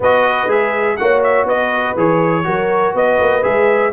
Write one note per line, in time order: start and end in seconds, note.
0.00 0.47 B3
0.00 0.48 F#4
0.00 0.98 B4
0.00 0.51 D#5
0.47 0.96 G#3
0.47 0.97 G#4
0.47 0.97 E5
0.97 1.45 A#3
0.97 1.96 F#4
0.97 1.46 C#5
0.97 1.21 F#5
1.23 1.47 E5
1.45 1.94 B3
1.45 2.44 B4
1.45 1.97 D#5
1.96 2.46 E3
1.96 2.44 G#4
1.96 2.95 C#5
2.44 2.94 F#3
2.44 3.42 F#4
2.44 2.94 A#4
2.94 3.18 B3
2.94 3.92 B4
2.94 3.43 D#5
3.20 3.44 A#3
3.42 3.92 G#3
3.42 3.91 G#4
3.42 3.92 E5